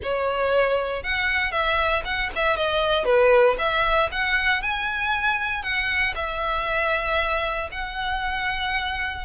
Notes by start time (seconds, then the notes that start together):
0.03 C#5
1.03 F#5
1.51 E5
2.04 F#5
2.35 E5
2.56 D#5
3.05 B4
3.58 E5
4.11 F#5
4.62 G#5
5.62 F#5
6.15 E5
7.71 F#5